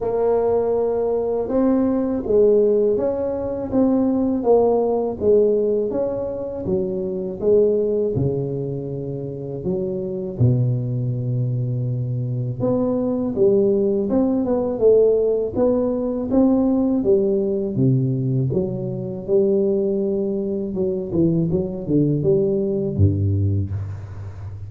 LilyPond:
\new Staff \with { instrumentName = "tuba" } { \time 4/4 \tempo 4 = 81 ais2 c'4 gis4 | cis'4 c'4 ais4 gis4 | cis'4 fis4 gis4 cis4~ | cis4 fis4 b,2~ |
b,4 b4 g4 c'8 b8 | a4 b4 c'4 g4 | c4 fis4 g2 | fis8 e8 fis8 d8 g4 g,4 | }